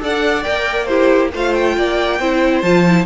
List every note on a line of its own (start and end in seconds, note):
0.00 0.46 D4
0.00 0.43 A4
0.00 0.88 D5
0.00 0.44 F#5
0.44 1.33 A#3
0.44 0.87 A#4
0.44 0.85 G5
0.85 1.32 E4
0.85 1.32 G4
0.85 1.29 C5
1.33 1.77 A3
1.33 2.21 F4
1.33 1.77 C5
1.33 1.54 F5
1.54 2.62 G5
1.77 2.19 A#3
1.77 2.20 D5
2.19 2.62 C4
2.19 2.64 E4
2.19 3.06 C5
2.62 3.06 F3
2.62 2.86 F4
2.62 3.05 A5
2.87 3.06 E4